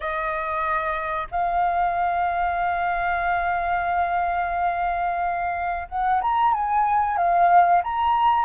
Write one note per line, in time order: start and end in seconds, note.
0.00 1.27 D#5
1.31 5.88 F5
5.88 6.21 F#5
6.21 6.53 A#5
6.53 7.17 G#5
7.17 7.82 F5
7.83 8.45 A#5